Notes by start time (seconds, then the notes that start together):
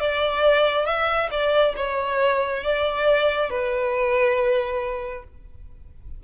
0.00 D5
0.86 E5
1.30 D5
1.76 C#5
2.63 D5
3.50 B4